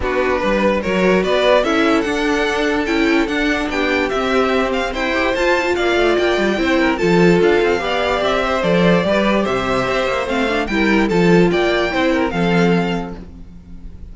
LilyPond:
<<
  \new Staff \with { instrumentName = "violin" } { \time 4/4 \tempo 4 = 146 b'2 cis''4 d''4 | e''4 fis''2 g''4 | fis''4 g''4 e''4. f''8 | g''4 a''4 f''4 g''4~ |
g''4 a''4 f''2 | e''4 d''2 e''4~ | e''4 f''4 g''4 a''4 | g''2 f''2 | }
  \new Staff \with { instrumentName = "violin" } { \time 4/4 fis'4 b'4 ais'4 b'4 | a'1~ | a'4 g'2. | c''2 d''2 |
c''8 ais'8 a'2 d''4~ | d''8 c''4. b'4 c''4~ | c''2 ais'4 a'4 | d''4 c''8 ais'8 a'2 | }
  \new Staff \with { instrumentName = "viola" } { \time 4/4 d'2 fis'2 | e'4 d'2 e'4 | d'2 c'2~ | c'8 g'8 f'8 e'16 f'2~ f'16 |
e'4 f'2 g'4~ | g'4 a'4 g'2~ | g'4 c'8 d'8 e'4 f'4~ | f'4 e'4 c'2 | }
  \new Staff \with { instrumentName = "cello" } { \time 4/4 b4 g4 fis4 b4 | cis'4 d'2 cis'4 | d'4 b4 c'2 | e'4 f'4 ais8 a8 ais8 g8 |
c'4 f4 d'8 c'8 b4 | c'4 f4 g4 c4 | c'8 ais8 a4 g4 f4 | ais4 c'4 f2 | }
>>